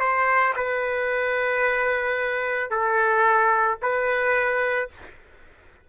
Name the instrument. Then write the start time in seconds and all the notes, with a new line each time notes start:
trumpet
0.00 C5
0.56 B4
2.70 A4
3.82 B4